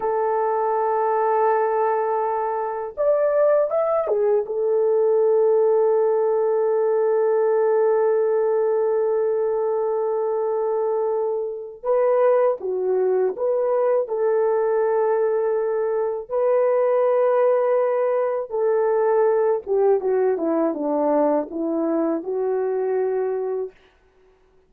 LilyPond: \new Staff \with { instrumentName = "horn" } { \time 4/4 \tempo 4 = 81 a'1 | d''4 e''8 gis'8 a'2~ | a'1~ | a'1 |
b'4 fis'4 b'4 a'4~ | a'2 b'2~ | b'4 a'4. g'8 fis'8 e'8 | d'4 e'4 fis'2 | }